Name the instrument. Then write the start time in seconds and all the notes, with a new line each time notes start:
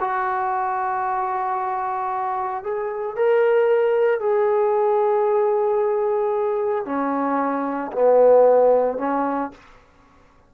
trombone
0.00 F#4
2.63 G#4
3.16 A#4
4.20 G#4
6.85 C#4
7.92 B3
8.98 C#4